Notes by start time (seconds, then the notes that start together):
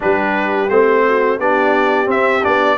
0.00 G3 D4 G4 B4
0.69 A3 C4 C5
1.08 F#4
1.38 B3 D4 G4 D5
2.06 C4 E5
2.43 B3 D4 D5